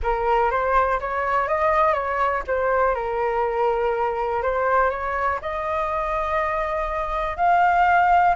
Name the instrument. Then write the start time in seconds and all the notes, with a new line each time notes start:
flute
0.02 A#4
0.50 C5
1.00 C#5
1.48 D#5
1.93 C#5
2.47 C5
2.94 A#4
4.42 C5
4.90 C#5
5.41 D#5
7.36 F5